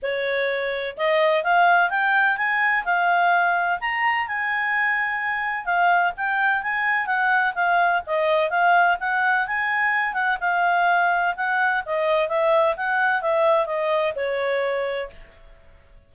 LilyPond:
\new Staff \with { instrumentName = "clarinet" } { \time 4/4 \tempo 4 = 127 cis''2 dis''4 f''4 | g''4 gis''4 f''2 | ais''4 gis''2. | f''4 g''4 gis''4 fis''4 |
f''4 dis''4 f''4 fis''4 | gis''4. fis''8 f''2 | fis''4 dis''4 e''4 fis''4 | e''4 dis''4 cis''2 | }